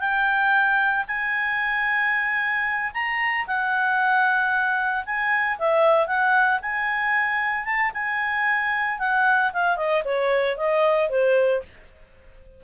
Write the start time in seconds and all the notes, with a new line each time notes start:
0.00 G5
1.08 G#5
2.94 A#5
3.47 F#5
5.06 G#5
5.59 E5
6.07 F#5
6.62 G#5
7.65 A5
7.94 G#5
9.00 F#5
9.53 F5
9.77 D#5
10.05 C#5
10.57 D#5
11.10 C5